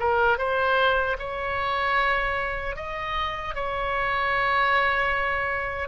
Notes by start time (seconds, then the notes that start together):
0.00 A#4
0.38 C5
1.19 C#5
2.77 D#5
3.55 C#5